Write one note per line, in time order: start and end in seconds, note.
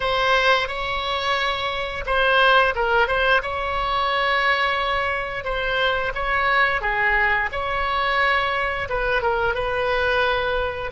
0.00 0.68 C5
0.68 2.04 C#5
2.05 2.74 C5
2.75 3.07 A#4
3.07 3.41 C5
3.42 5.44 C#5
5.44 6.12 C5
6.14 6.81 C#5
6.81 7.49 G#4
7.52 8.88 C#5
8.89 9.21 B4
9.21 9.54 A#4
9.54 10.90 B4